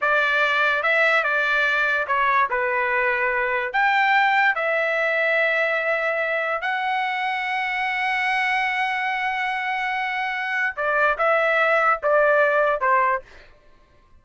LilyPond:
\new Staff \with { instrumentName = "trumpet" } { \time 4/4 \tempo 4 = 145 d''2 e''4 d''4~ | d''4 cis''4 b'2~ | b'4 g''2 e''4~ | e''1 |
fis''1~ | fis''1~ | fis''2 d''4 e''4~ | e''4 d''2 c''4 | }